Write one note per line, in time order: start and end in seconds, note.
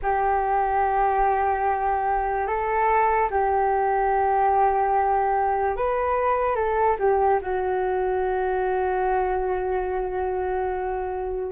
0.02 2.47 G4
2.47 3.29 A4
3.30 5.76 G4
5.76 6.55 B4
6.55 6.96 A4
6.99 7.40 G4
7.41 11.51 F#4